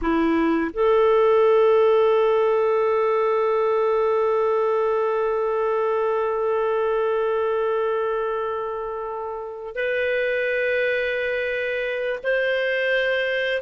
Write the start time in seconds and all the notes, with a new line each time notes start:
0.01 E4
0.73 A4
9.75 B4
12.23 C5